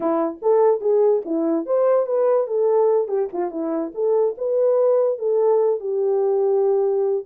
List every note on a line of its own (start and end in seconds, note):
0.00 0.39 E4
0.42 0.81 A4
0.81 1.22 G#4
1.25 1.66 E4
1.66 2.06 C5
2.06 2.47 B4
2.47 3.08 A4
3.08 3.28 G4
3.32 3.50 F4
3.50 3.92 E4
3.94 4.35 A4
4.37 5.18 B4
5.18 5.79 A4
5.79 7.24 G4